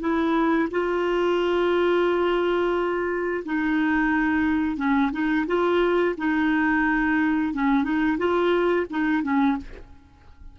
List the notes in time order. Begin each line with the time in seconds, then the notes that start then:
0.00 E4
0.71 F4
3.45 D#4
4.77 C#4
5.12 D#4
5.47 F4
6.17 D#4
7.53 C#4
7.83 D#4
8.18 F4
8.90 D#4
9.23 C#4